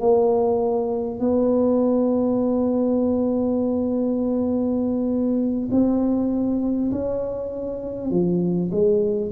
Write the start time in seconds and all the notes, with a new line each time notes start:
0.00 A#3
1.19 B3
5.71 C4
6.92 C#4
8.11 F3
8.71 G#3